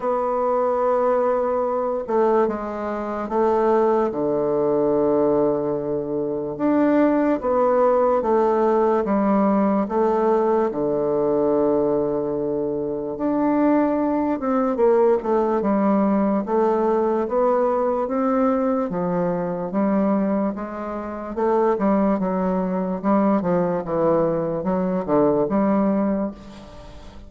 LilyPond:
\new Staff \with { instrumentName = "bassoon" } { \time 4/4 \tempo 4 = 73 b2~ b8 a8 gis4 | a4 d2. | d'4 b4 a4 g4 | a4 d2. |
d'4. c'8 ais8 a8 g4 | a4 b4 c'4 f4 | g4 gis4 a8 g8 fis4 | g8 f8 e4 fis8 d8 g4 | }